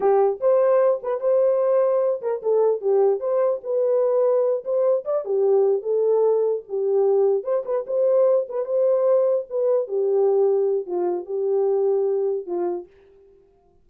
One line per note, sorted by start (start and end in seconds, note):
0.00 0.39 G4
0.40 1.00 C5
1.02 1.20 B4
1.20 2.21 C5
2.21 2.41 A#4
2.42 2.81 A4
2.81 3.20 G4
3.20 3.60 C5
3.63 4.64 B4
4.64 5.04 C5
5.04 5.24 D5
5.24 5.82 G4
5.82 6.62 A4
6.68 7.43 G4
7.43 7.63 C5
7.65 7.85 B4
7.87 8.47 C5
8.48 8.65 B4
8.65 9.45 C5
9.49 9.87 B4
9.87 10.86 G4
10.86 11.25 F4
11.25 12.46 G4
12.46 12.86 F4